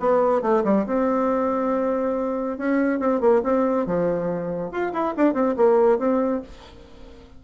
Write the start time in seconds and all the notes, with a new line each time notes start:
0.00 B3
0.42 A3
0.64 G3
0.86 C4
2.58 C#4
3.00 C4
3.20 A#3
3.43 C4
3.86 F3
4.71 F4
4.93 E4
5.17 D4
5.34 C4
5.57 A#3
5.98 C4